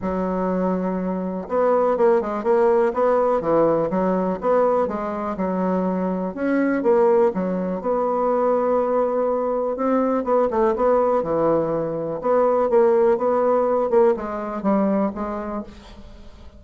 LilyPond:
\new Staff \with { instrumentName = "bassoon" } { \time 4/4 \tempo 4 = 123 fis2. b4 | ais8 gis8 ais4 b4 e4 | fis4 b4 gis4 fis4~ | fis4 cis'4 ais4 fis4 |
b1 | c'4 b8 a8 b4 e4~ | e4 b4 ais4 b4~ | b8 ais8 gis4 g4 gis4 | }